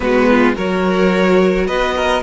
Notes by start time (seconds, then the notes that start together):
0.00 G#3 B3 F#4 B4
0.30 F4
0.55 F#3 F#4 A#4 C#5
1.66 B3 B4 D#5
1.95 A#4